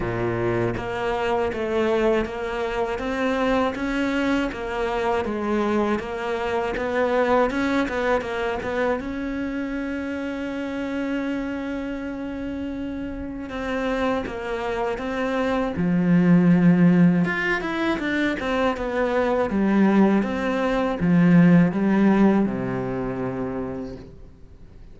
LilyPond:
\new Staff \with { instrumentName = "cello" } { \time 4/4 \tempo 4 = 80 ais,4 ais4 a4 ais4 | c'4 cis'4 ais4 gis4 | ais4 b4 cis'8 b8 ais8 b8 | cis'1~ |
cis'2 c'4 ais4 | c'4 f2 f'8 e'8 | d'8 c'8 b4 g4 c'4 | f4 g4 c2 | }